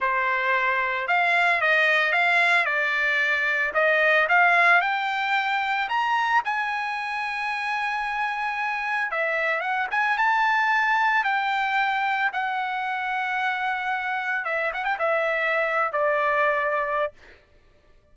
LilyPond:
\new Staff \with { instrumentName = "trumpet" } { \time 4/4 \tempo 4 = 112 c''2 f''4 dis''4 | f''4 d''2 dis''4 | f''4 g''2 ais''4 | gis''1~ |
gis''4 e''4 fis''8 gis''8 a''4~ | a''4 g''2 fis''4~ | fis''2. e''8 fis''16 g''16 | e''4.~ e''16 d''2~ d''16 | }